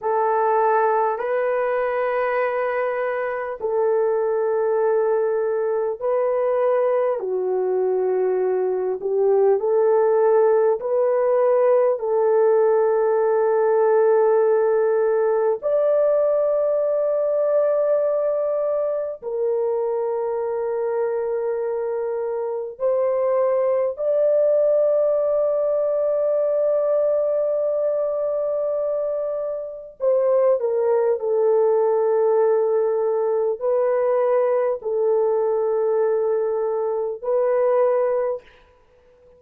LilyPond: \new Staff \with { instrumentName = "horn" } { \time 4/4 \tempo 4 = 50 a'4 b'2 a'4~ | a'4 b'4 fis'4. g'8 | a'4 b'4 a'2~ | a'4 d''2. |
ais'2. c''4 | d''1~ | d''4 c''8 ais'8 a'2 | b'4 a'2 b'4 | }